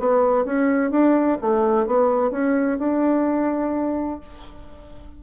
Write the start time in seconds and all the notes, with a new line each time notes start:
0.00 B3
0.45 C#4
0.91 D4
1.41 A3
1.87 B3
2.31 C#4
2.79 D4